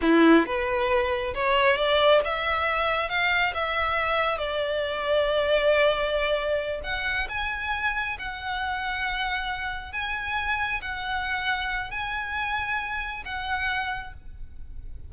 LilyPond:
\new Staff \with { instrumentName = "violin" } { \time 4/4 \tempo 4 = 136 e'4 b'2 cis''4 | d''4 e''2 f''4 | e''2 d''2~ | d''2.~ d''8 fis''8~ |
fis''8 gis''2 fis''4.~ | fis''2~ fis''8 gis''4.~ | gis''8 fis''2~ fis''8 gis''4~ | gis''2 fis''2 | }